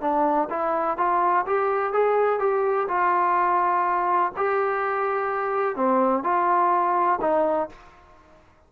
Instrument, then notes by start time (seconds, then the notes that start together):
trombone
0.00 D4
0.50 E4
0.97 F4
1.46 G4
1.93 G#4
2.39 G4
2.88 F4
4.37 G4
5.75 C4
6.23 F4
7.21 D#4